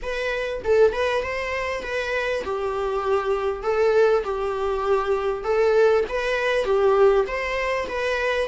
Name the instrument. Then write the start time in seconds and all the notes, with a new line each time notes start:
viola
0.02 B4
0.64 A4
0.92 B4
1.22 C5
1.83 B4
2.44 G4
3.63 A4
4.23 G4
5.44 A4
6.08 B4
6.64 G4
7.27 C5
7.88 B4